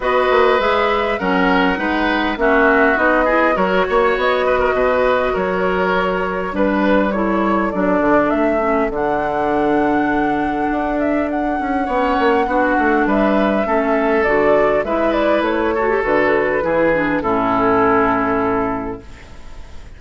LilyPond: <<
  \new Staff \with { instrumentName = "flute" } { \time 4/4 \tempo 4 = 101 dis''4 e''4 fis''2 | e''4 dis''4 cis''4 dis''4~ | dis''4 cis''2 b'4 | cis''4 d''4 e''4 fis''4~ |
fis''2~ fis''8 e''8 fis''4~ | fis''2 e''2 | d''4 e''8 d''8 cis''4 b'4~ | b'4 a'2. | }
  \new Staff \with { instrumentName = "oboe" } { \time 4/4 b'2 ais'4 b'4 | fis'4. gis'8 ais'8 cis''4 b'16 ais'16 | b'4 ais'2 b'4 | a'1~ |
a'1 | cis''4 fis'4 b'4 a'4~ | a'4 b'4. a'4. | gis'4 e'2. | }
  \new Staff \with { instrumentName = "clarinet" } { \time 4/4 fis'4 gis'4 cis'4 dis'4 | cis'4 dis'8 e'8 fis'2~ | fis'2. d'4 | e'4 d'4. cis'8 d'4~ |
d'1 | cis'4 d'2 cis'4 | fis'4 e'4. fis'16 g'16 fis'4 | e'8 d'8 cis'2. | }
  \new Staff \with { instrumentName = "bassoon" } { \time 4/4 b8 ais8 gis4 fis4 gis4 | ais4 b4 fis8 ais8 b4 | b,4 fis2 g4~ | g4 fis8 d8 a4 d4~ |
d2 d'4. cis'8 | b8 ais8 b8 a8 g4 a4 | d4 gis4 a4 d4 | e4 a,2. | }
>>